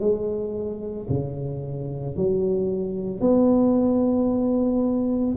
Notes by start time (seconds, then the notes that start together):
0.00 G#3
1.10 C#3
2.16 F#3
3.21 B3